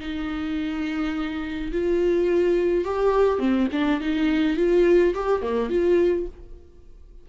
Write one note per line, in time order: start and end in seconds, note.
0.00 1.71 D#4
1.72 2.85 F4
2.85 3.39 G4
3.39 3.68 C4
3.72 4.01 D4
4.01 4.57 D#4
4.57 5.14 F4
5.14 5.42 G4
5.42 5.70 A#3
5.70 6.27 F4